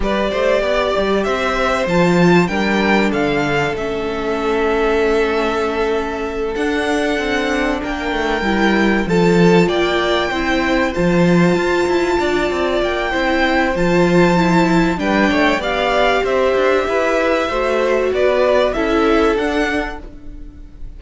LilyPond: <<
  \new Staff \with { instrumentName = "violin" } { \time 4/4 \tempo 4 = 96 d''2 e''4 a''4 | g''4 f''4 e''2~ | e''2~ e''8 fis''4.~ | fis''8 g''2 a''4 g''8~ |
g''4. a''2~ a''8~ | a''8 g''4. a''2 | g''4 f''4 e''2~ | e''4 d''4 e''4 fis''4 | }
  \new Staff \with { instrumentName = "violin" } { \time 4/4 b'8 c''8 d''4 c''2 | ais'4 a'2.~ | a'1~ | a'8 ais'2 a'4 d''8~ |
d''8 c''2. d''8~ | d''4 c''2. | b'8 cis''8 d''4 c''4 b'4 | c''4 b'4 a'2 | }
  \new Staff \with { instrumentName = "viola" } { \time 4/4 g'2. f'4 | d'2 cis'2~ | cis'2~ cis'8 d'4.~ | d'4. e'4 f'4.~ |
f'8 e'4 f'2~ f'8~ | f'4 e'4 f'4 e'4 | d'4 g'2. | fis'2 e'4 d'4 | }
  \new Staff \with { instrumentName = "cello" } { \time 4/4 g8 a8 b8 g8 c'4 f4 | g4 d4 a2~ | a2~ a8 d'4 c'8~ | c'8 ais8 a8 g4 f4 ais8~ |
ais8 c'4 f4 f'8 e'8 d'8 | c'8 ais8 c'4 f2 | g8 a8 b4 c'8 d'8 e'4 | a4 b4 cis'4 d'4 | }
>>